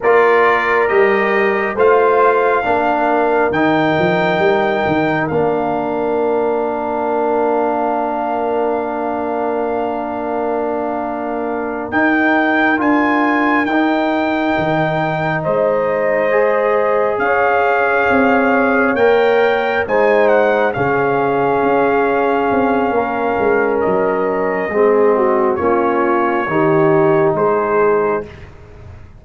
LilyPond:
<<
  \new Staff \with { instrumentName = "trumpet" } { \time 4/4 \tempo 4 = 68 d''4 dis''4 f''2 | g''2 f''2~ | f''1~ | f''4. g''4 gis''4 g''8~ |
g''4. dis''2 f''8~ | f''4. g''4 gis''8 fis''8 f''8~ | f''2. dis''4~ | dis''4 cis''2 c''4 | }
  \new Staff \with { instrumentName = "horn" } { \time 4/4 ais'2 c''4 ais'4~ | ais'1~ | ais'1~ | ais'1~ |
ais'4. c''2 cis''8~ | cis''2~ cis''8 c''4 gis'8~ | gis'2 ais'2 | gis'8 fis'8 f'4 g'4 gis'4 | }
  \new Staff \with { instrumentName = "trombone" } { \time 4/4 f'4 g'4 f'4 d'4 | dis'2 d'2~ | d'1~ | d'4. dis'4 f'4 dis'8~ |
dis'2~ dis'8 gis'4.~ | gis'4. ais'4 dis'4 cis'8~ | cis'1 | c'4 cis'4 dis'2 | }
  \new Staff \with { instrumentName = "tuba" } { \time 4/4 ais4 g4 a4 ais4 | dis8 f8 g8 dis8 ais2~ | ais1~ | ais4. dis'4 d'4 dis'8~ |
dis'8 dis4 gis2 cis'8~ | cis'8 c'4 ais4 gis4 cis8~ | cis8 cis'4 c'8 ais8 gis8 fis4 | gis4 ais4 dis4 gis4 | }
>>